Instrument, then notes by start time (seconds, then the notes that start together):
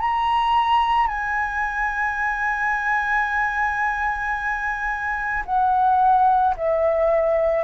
flute
0.00 A#5
1.07 G#5
5.45 F#5
6.57 E5